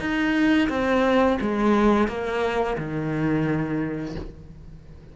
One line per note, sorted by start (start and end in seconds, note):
0.00 0.69 D#4
0.69 1.38 C4
1.41 2.08 G#3
2.08 2.77 A#3
2.78 4.16 D#3